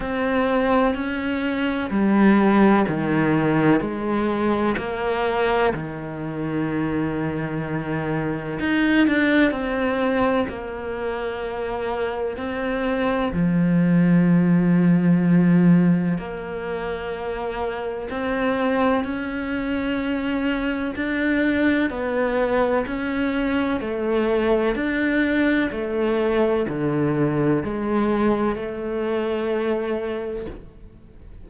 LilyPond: \new Staff \with { instrumentName = "cello" } { \time 4/4 \tempo 4 = 63 c'4 cis'4 g4 dis4 | gis4 ais4 dis2~ | dis4 dis'8 d'8 c'4 ais4~ | ais4 c'4 f2~ |
f4 ais2 c'4 | cis'2 d'4 b4 | cis'4 a4 d'4 a4 | d4 gis4 a2 | }